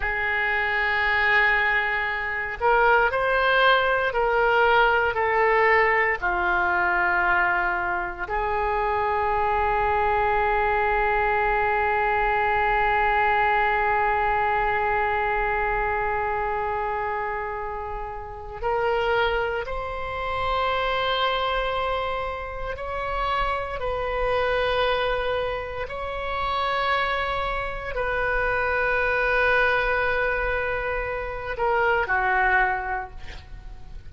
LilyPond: \new Staff \with { instrumentName = "oboe" } { \time 4/4 \tempo 4 = 58 gis'2~ gis'8 ais'8 c''4 | ais'4 a'4 f'2 | gis'1~ | gis'1~ |
gis'2 ais'4 c''4~ | c''2 cis''4 b'4~ | b'4 cis''2 b'4~ | b'2~ b'8 ais'8 fis'4 | }